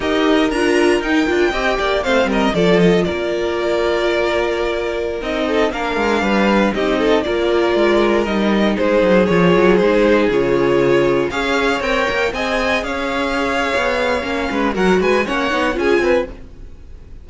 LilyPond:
<<
  \new Staff \with { instrumentName = "violin" } { \time 4/4 \tempo 4 = 118 dis''4 ais''4 g''2 | f''8 dis''8 d''8 dis''8 d''2~ | d''2~ d''16 dis''4 f''8.~ | f''4~ f''16 dis''4 d''4.~ d''16~ |
d''16 dis''4 c''4 cis''4 c''8.~ | c''16 cis''2 f''4 g''8.~ | g''16 gis''4 f''2~ f''8.~ | f''4 fis''8 gis''8 fis''4 gis''4 | }
  \new Staff \with { instrumentName = "violin" } { \time 4/4 ais'2. dis''8 d''8 | c''8 ais'8 a'4 ais'2~ | ais'2~ ais'8. a'8 ais'8.~ | ais'16 b'4 g'8 a'8 ais'4.~ ais'16~ |
ais'4~ ais'16 gis'2~ gis'8.~ | gis'2~ gis'16 cis''4.~ cis''16~ | cis''16 dis''4 cis''2~ cis''8.~ | cis''8 b'8 ais'8 b'8 cis''4 gis'8 b'8 | }
  \new Staff \with { instrumentName = "viola" } { \time 4/4 g'4 f'4 dis'8 f'8 g'4 | c'4 f'2.~ | f'2~ f'16 dis'4 d'8.~ | d'4~ d'16 dis'4 f'4.~ f'16~ |
f'16 dis'2 f'4 dis'8.~ | dis'16 f'2 gis'4 ais'8.~ | ais'16 gis'2.~ gis'8. | cis'4 fis'4 cis'8 dis'8 f'4 | }
  \new Staff \with { instrumentName = "cello" } { \time 4/4 dis'4 d'4 dis'8 d'8 c'8 ais8 | a8 g8 f4 ais2~ | ais2~ ais16 c'4 ais8 gis16~ | gis16 g4 c'4 ais4 gis8.~ |
gis16 g4 gis8 fis8 f8 fis8 gis8.~ | gis16 cis2 cis'4 c'8 ais16~ | ais16 c'4 cis'4.~ cis'16 b4 | ais8 gis8 fis8 gis8 ais8 b8 cis'8 c'8 | }
>>